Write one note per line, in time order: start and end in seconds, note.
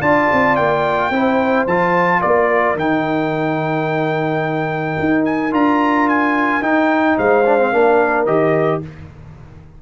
0.00 0.29 D4
0.00 1.12 F4
0.00 1.10 D5
0.00 0.56 A5
0.32 0.58 C4
0.56 1.10 A#3
0.56 1.66 G5
1.10 1.65 C4
1.10 1.68 E4
1.10 2.20 C5
1.66 2.21 F3
1.66 2.78 F4
1.66 2.21 A5
2.20 2.75 A#3
2.20 7.15 A#4
2.20 2.76 D5
2.75 4.95 D#3
2.75 5.51 D#4
2.75 5.25 G5
4.99 5.53 D#4
5.25 5.52 G#5
5.51 6.61 D4
5.51 6.61 F4
5.51 6.09 A#5
6.09 6.63 G#5
6.61 7.17 D#4
6.61 7.44 D#4
6.61 7.18 G5
7.17 7.73 G#3
7.17 7.71 C5
7.17 8.26 F5
7.45 7.59 D4
7.59 7.72 C4
7.71 8.26 A#3
7.71 8.27 D4
7.71 8.81 A#4
8.26 8.81 D#3
8.26 8.82 G4
8.26 8.81 D#5